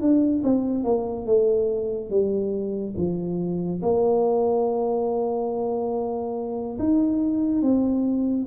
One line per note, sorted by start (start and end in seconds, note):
0.00 0.42 D4
0.43 0.84 C4
0.84 1.26 A#3
1.26 2.10 A3
2.10 2.94 G3
2.97 3.81 F3
3.82 6.78 A#3
6.78 7.62 D#4
7.62 8.46 C4